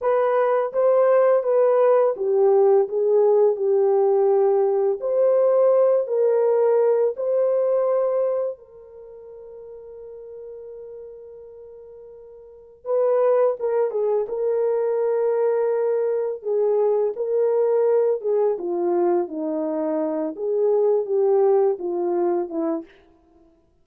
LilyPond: \new Staff \with { instrumentName = "horn" } { \time 4/4 \tempo 4 = 84 b'4 c''4 b'4 g'4 | gis'4 g'2 c''4~ | c''8 ais'4. c''2 | ais'1~ |
ais'2 b'4 ais'8 gis'8 | ais'2. gis'4 | ais'4. gis'8 f'4 dis'4~ | dis'8 gis'4 g'4 f'4 e'8 | }